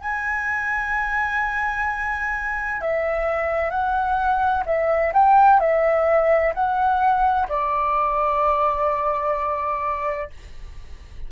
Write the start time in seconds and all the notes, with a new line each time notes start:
0.00 G#5
2.81 E5
3.70 F#5
4.65 E5
5.13 G5
5.60 E5
6.54 F#5
7.48 D5